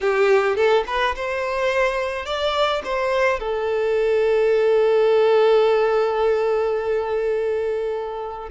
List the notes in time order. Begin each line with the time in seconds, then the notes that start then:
0.00 G4
0.55 A4
0.86 B4
1.15 C5
2.25 D5
2.84 C5
3.39 A4